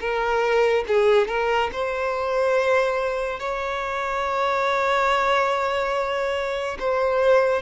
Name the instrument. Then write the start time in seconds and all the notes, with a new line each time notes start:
violin
0.00 A#4
0.87 G#4
1.28 A#4
1.72 C5
3.40 C#5
6.79 C5